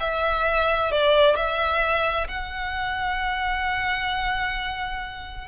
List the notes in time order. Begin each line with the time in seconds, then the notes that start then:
0.00 E5
0.92 D5
1.36 E5
2.29 F#5